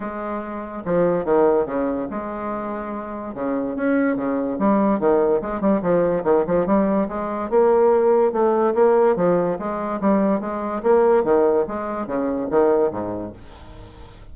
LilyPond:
\new Staff \with { instrumentName = "bassoon" } { \time 4/4 \tempo 4 = 144 gis2 f4 dis4 | cis4 gis2. | cis4 cis'4 cis4 g4 | dis4 gis8 g8 f4 dis8 f8 |
g4 gis4 ais2 | a4 ais4 f4 gis4 | g4 gis4 ais4 dis4 | gis4 cis4 dis4 gis,4 | }